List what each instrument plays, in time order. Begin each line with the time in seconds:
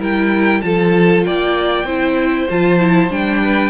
0.00 cello G3, viola E4, violin A#4 G5
0.62 cello F3, viola F4, violin A4 A5
1.24 cello A#3, violin D5 G5
1.84 cello C4, viola E4, violin C5
2.50 cello F3, viola F4, violin A5
2.80 viola E4
3.10 cello G3, viola D4, violin G5
3.42 violin B4